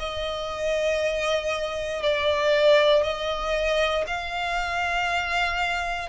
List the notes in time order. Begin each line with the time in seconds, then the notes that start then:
0.00 D#5
2.03 D5
3.03 D#5
4.07 F5